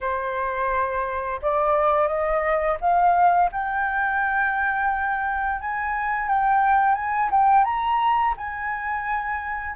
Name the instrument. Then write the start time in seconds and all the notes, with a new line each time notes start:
flute
0.00 C5
1.41 D5
2.07 D#5
2.80 F5
3.52 G5
5.61 G#5
6.28 G5
6.95 G#5
7.30 G5
7.64 A#5
8.37 G#5